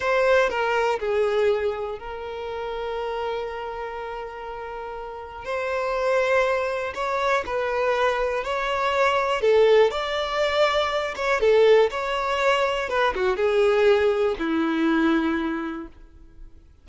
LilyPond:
\new Staff \with { instrumentName = "violin" } { \time 4/4 \tempo 4 = 121 c''4 ais'4 gis'2 | ais'1~ | ais'2. c''4~ | c''2 cis''4 b'4~ |
b'4 cis''2 a'4 | d''2~ d''8 cis''8 a'4 | cis''2 b'8 fis'8 gis'4~ | gis'4 e'2. | }